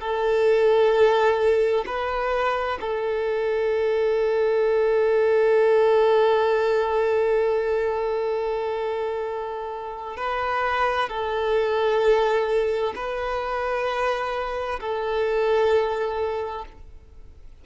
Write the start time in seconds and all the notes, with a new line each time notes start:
0.00 A4
1.86 B4
2.81 A4
10.17 B4
11.09 A4
12.95 B4
14.80 A4